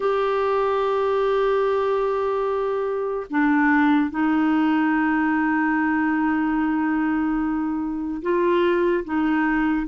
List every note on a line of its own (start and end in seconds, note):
0.00 3.27 G4
3.30 4.10 D4
4.10 8.21 D#4
8.22 9.04 F4
9.04 9.86 D#4